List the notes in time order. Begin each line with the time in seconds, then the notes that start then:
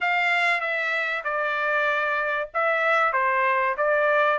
0.00 F5
0.61 E5
1.24 D5
2.54 E5
3.12 C5
3.77 D5